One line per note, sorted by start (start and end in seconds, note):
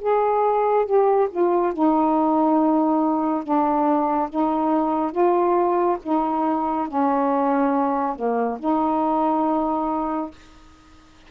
0.00 0.85 G#4
0.85 1.28 G4
1.30 1.73 F4
1.73 3.43 D#4
3.43 4.29 D4
4.29 5.11 D#4
5.11 5.97 F4
6.03 6.88 D#4
6.88 8.15 C#4
8.15 8.58 A#3
8.59 10.31 D#4